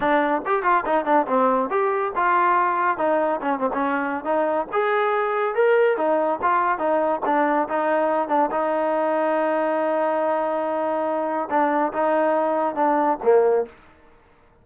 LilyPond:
\new Staff \with { instrumentName = "trombone" } { \time 4/4 \tempo 4 = 141 d'4 g'8 f'8 dis'8 d'8 c'4 | g'4 f'2 dis'4 | cis'8 c'16 cis'4~ cis'16 dis'4 gis'4~ | gis'4 ais'4 dis'4 f'4 |
dis'4 d'4 dis'4. d'8 | dis'1~ | dis'2. d'4 | dis'2 d'4 ais4 | }